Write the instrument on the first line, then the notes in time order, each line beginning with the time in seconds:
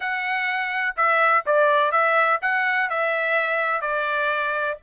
trumpet
0.00 F#5
0.96 E5
1.45 D5
1.91 E5
2.41 F#5
2.89 E5
3.81 D5